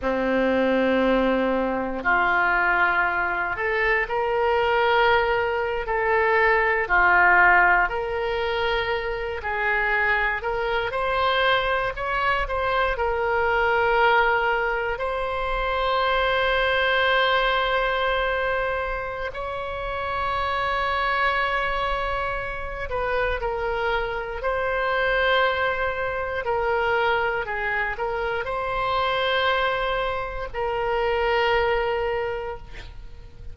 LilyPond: \new Staff \with { instrumentName = "oboe" } { \time 4/4 \tempo 4 = 59 c'2 f'4. a'8 | ais'4.~ ais'16 a'4 f'4 ais'16~ | ais'4~ ais'16 gis'4 ais'8 c''4 cis''16~ | cis''16 c''8 ais'2 c''4~ c''16~ |
c''2. cis''4~ | cis''2~ cis''8 b'8 ais'4 | c''2 ais'4 gis'8 ais'8 | c''2 ais'2 | }